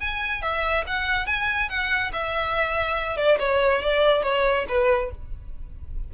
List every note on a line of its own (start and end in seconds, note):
0.00 0.42 G#5
0.42 0.85 E5
0.87 1.27 F#5
1.27 1.69 G#5
1.69 2.12 F#5
2.13 3.17 E5
3.17 3.38 D5
3.39 3.82 C#5
3.82 4.23 D5
4.23 4.66 C#5
4.68 5.11 B4